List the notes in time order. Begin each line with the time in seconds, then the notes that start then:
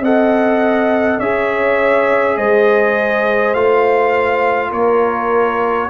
0.00 C4 A4 D#5 F#5
1.19 C#4 G#4 C#5 E5
2.37 G#3 C5 D#5
3.53 A3 F4 F5
4.70 A#3 A#4 C#5